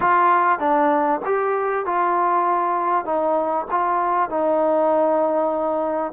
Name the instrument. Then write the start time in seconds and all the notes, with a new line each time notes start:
trombone
0.00 F4
0.59 D4
1.25 G4
1.85 F4
3.05 D#4
3.70 F4
4.29 D#4